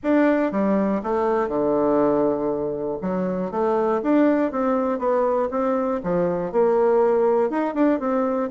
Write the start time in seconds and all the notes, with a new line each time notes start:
0.03 D4
0.51 G3
1.03 A3
1.48 D3
3.01 F#3
3.51 A3
4.02 D4
4.51 C4
4.99 B3
5.50 C4
6.03 F3
6.51 A#3
7.50 D#4
7.74 D4
7.99 C4